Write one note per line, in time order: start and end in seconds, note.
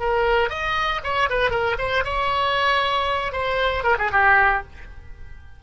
0.00 0.50 A#4
0.50 1.01 D#5
1.04 1.30 C#5
1.30 1.51 B4
1.51 1.76 A#4
1.79 2.04 C5
2.05 3.32 C#5
3.32 3.84 C5
3.84 3.97 A#4
3.99 4.11 G#4
4.12 4.63 G4